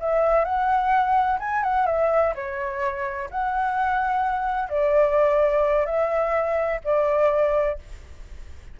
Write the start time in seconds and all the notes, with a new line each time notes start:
0.00 E5
0.45 F#5
1.40 G#5
1.63 F#5
1.87 E5
2.35 C#5
3.31 F#5
4.70 D5
5.86 E5
6.84 D5